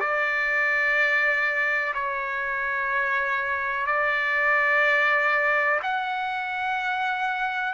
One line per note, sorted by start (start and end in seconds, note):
0.00 1.94 D5
1.94 3.86 C#5
3.86 5.80 D5
5.82 7.73 F#5